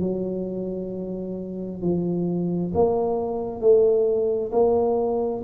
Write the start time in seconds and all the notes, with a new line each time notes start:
0.00 F#3
1.82 F3
2.74 A#3
3.61 A3
4.52 A#3